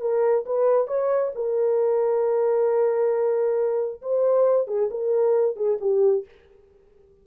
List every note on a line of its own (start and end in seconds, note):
0.00 0.44 A#4
0.45 0.87 B4
0.87 1.32 C#5
1.35 4.01 A#4
4.01 4.67 C5
4.67 4.89 G#4
4.90 5.56 A#4
5.56 5.78 G#4
5.80 6.25 G4